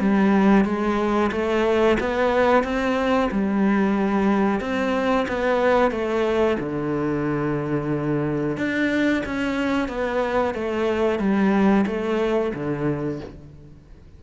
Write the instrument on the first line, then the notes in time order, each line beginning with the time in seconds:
cello
0.00 G3
0.65 G#3
1.31 A3
2.00 B3
2.63 C4
3.31 G3
4.60 C4
5.28 B3
5.91 A3
6.59 D3
8.57 D4
9.25 C#4
9.88 B3
10.54 A3
11.19 G3
11.86 A3
12.54 D3